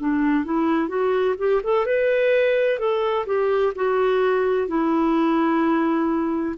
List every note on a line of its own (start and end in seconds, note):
0.00 0.45 D4
0.45 0.89 E4
0.89 1.36 F#4
1.38 1.62 G4
1.64 1.87 A4
1.87 2.80 B4
2.80 3.26 A4
3.27 3.74 G4
3.76 4.68 F#4
4.68 6.56 E4